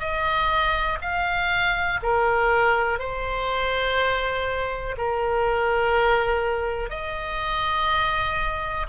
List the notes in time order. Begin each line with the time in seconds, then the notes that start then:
0.00 D#5
1.01 F5
2.03 A#4
2.99 C5
4.97 A#4
6.90 D#5